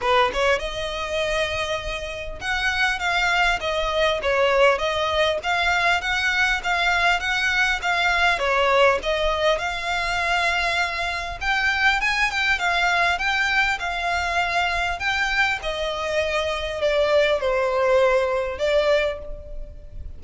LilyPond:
\new Staff \with { instrumentName = "violin" } { \time 4/4 \tempo 4 = 100 b'8 cis''8 dis''2. | fis''4 f''4 dis''4 cis''4 | dis''4 f''4 fis''4 f''4 | fis''4 f''4 cis''4 dis''4 |
f''2. g''4 | gis''8 g''8 f''4 g''4 f''4~ | f''4 g''4 dis''2 | d''4 c''2 d''4 | }